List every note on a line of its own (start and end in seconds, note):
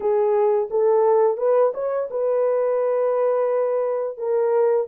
0.00 0.68 G#4
0.70 1.37 A4
1.37 1.72 B4
1.73 2.08 C#5
2.10 4.17 B4
4.17 4.87 A#4